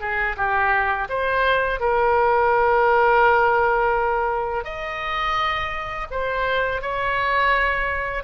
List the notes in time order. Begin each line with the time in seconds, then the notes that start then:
0.00 G#4
0.36 G4
1.09 C5
1.80 A#4
4.64 D#5
6.11 C5
6.81 C#5